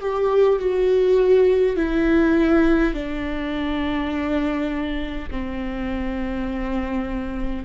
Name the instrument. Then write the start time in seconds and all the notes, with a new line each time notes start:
viola
0.00 G4
0.59 F#4
1.76 E4
2.94 D4
5.30 C4